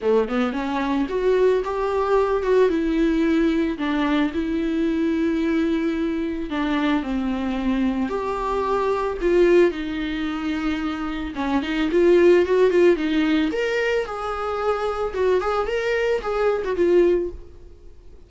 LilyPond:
\new Staff \with { instrumentName = "viola" } { \time 4/4 \tempo 4 = 111 a8 b8 cis'4 fis'4 g'4~ | g'8 fis'8 e'2 d'4 | e'1 | d'4 c'2 g'4~ |
g'4 f'4 dis'2~ | dis'4 cis'8 dis'8 f'4 fis'8 f'8 | dis'4 ais'4 gis'2 | fis'8 gis'8 ais'4 gis'8. fis'16 f'4 | }